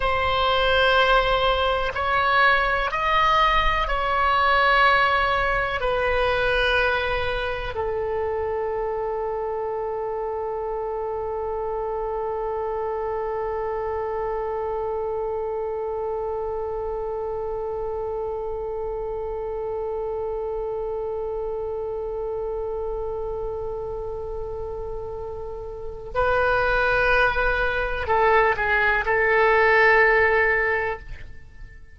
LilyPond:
\new Staff \with { instrumentName = "oboe" } { \time 4/4 \tempo 4 = 62 c''2 cis''4 dis''4 | cis''2 b'2 | a'1~ | a'1~ |
a'1~ | a'1~ | a'2. b'4~ | b'4 a'8 gis'8 a'2 | }